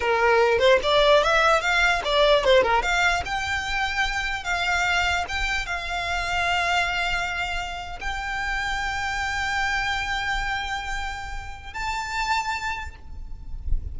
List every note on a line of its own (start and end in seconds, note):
0.00 0.59 A#4
0.59 0.79 C5
0.82 1.23 D5
1.23 1.61 E5
1.61 2.01 F5
2.04 2.44 D5
2.44 2.62 C5
2.62 2.82 A#4
2.82 3.23 F5
3.25 4.43 G5
4.43 5.24 F5
5.28 5.66 G5
5.66 7.99 F5
8.00 11.73 G5
11.73 12.95 A5